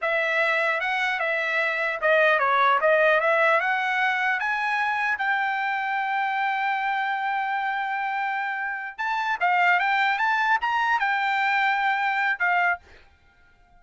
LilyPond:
\new Staff \with { instrumentName = "trumpet" } { \time 4/4 \tempo 4 = 150 e''2 fis''4 e''4~ | e''4 dis''4 cis''4 dis''4 | e''4 fis''2 gis''4~ | gis''4 g''2.~ |
g''1~ | g''2~ g''8 a''4 f''8~ | f''8 g''4 a''4 ais''4 g''8~ | g''2. f''4 | }